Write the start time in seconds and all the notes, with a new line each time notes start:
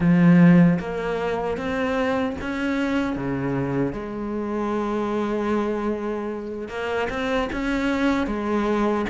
0.00 F3
0.79 A#3
1.57 C4
2.41 C#4
3.15 C#3
3.93 G#3
6.68 A#3
7.09 C4
7.52 C#4
8.26 G#3